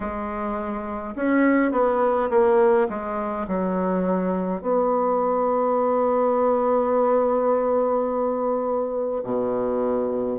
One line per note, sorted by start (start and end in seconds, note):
0.00 1.14 G#3
1.15 1.72 C#4
1.72 2.29 B3
2.30 2.87 A#3
2.88 3.46 G#3
3.47 4.62 F#3
4.62 9.23 B3
9.23 10.38 B2